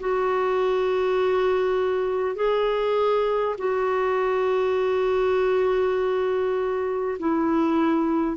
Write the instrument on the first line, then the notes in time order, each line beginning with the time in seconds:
clarinet
0.00 F#4
2.36 G#4
3.58 F#4
7.19 E4